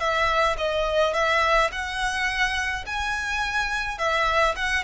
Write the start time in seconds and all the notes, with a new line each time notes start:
0.00 E5
0.58 D#5
1.14 E5
1.72 F#5
2.87 G#5
3.99 E5
4.56 F#5